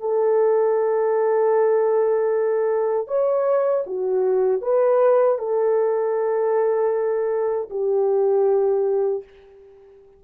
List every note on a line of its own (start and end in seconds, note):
0.00 3.08 A4
3.08 3.85 C#5
3.86 4.62 F#4
4.62 5.38 B4
5.38 7.69 A4
7.70 9.24 G4